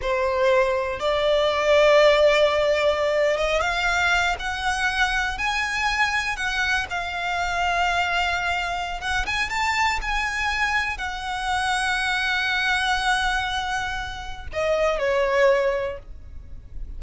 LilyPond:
\new Staff \with { instrumentName = "violin" } { \time 4/4 \tempo 4 = 120 c''2 d''2~ | d''2~ d''8. dis''8 f''8.~ | f''8. fis''2 gis''4~ gis''16~ | gis''8. fis''4 f''2~ f''16~ |
f''2 fis''8 gis''8 a''4 | gis''2 fis''2~ | fis''1~ | fis''4 dis''4 cis''2 | }